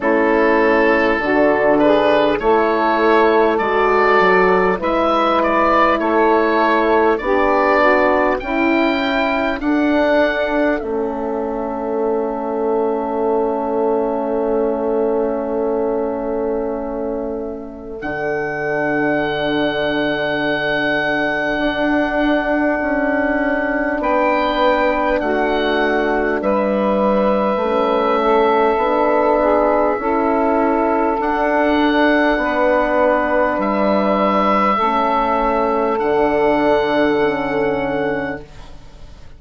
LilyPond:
<<
  \new Staff \with { instrumentName = "oboe" } { \time 4/4 \tempo 4 = 50 a'4. b'8 cis''4 d''4 | e''8 d''8 cis''4 d''4 g''4 | fis''4 e''2.~ | e''2. fis''4~ |
fis''1 | g''4 fis''4 e''2~ | e''2 fis''2 | e''2 fis''2 | }
  \new Staff \with { instrumentName = "saxophone" } { \time 4/4 e'4 fis'8 gis'8 a'2 | b'4 a'4 g'8 fis'8 e'4 | a'1~ | a'1~ |
a'1 | b'4 fis'4 b'4. a'8~ | a'8 gis'8 a'2 b'4~ | b'4 a'2. | }
  \new Staff \with { instrumentName = "horn" } { \time 4/4 cis'4 d'4 e'4 fis'4 | e'2 d'4 e'4 | d'4 cis'2.~ | cis'2. d'4~ |
d'1~ | d'2. cis'4 | d'4 e'4 d'2~ | d'4 cis'4 d'4 cis'4 | }
  \new Staff \with { instrumentName = "bassoon" } { \time 4/4 a4 d4 a4 gis8 fis8 | gis4 a4 b4 cis'4 | d'4 a2.~ | a2. d4~ |
d2 d'4 cis'4 | b4 a4 g4 a4 | b4 cis'4 d'4 b4 | g4 a4 d2 | }
>>